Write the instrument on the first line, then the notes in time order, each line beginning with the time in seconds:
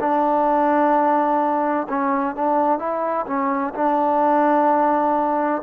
trombone
0.00 D4
1.89 C#4
2.36 D4
2.79 E4
3.27 C#4
3.75 D4